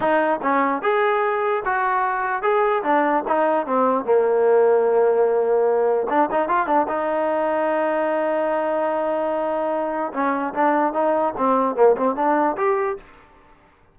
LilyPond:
\new Staff \with { instrumentName = "trombone" } { \time 4/4 \tempo 4 = 148 dis'4 cis'4 gis'2 | fis'2 gis'4 d'4 | dis'4 c'4 ais2~ | ais2. d'8 dis'8 |
f'8 d'8 dis'2.~ | dis'1~ | dis'4 cis'4 d'4 dis'4 | c'4 ais8 c'8 d'4 g'4 | }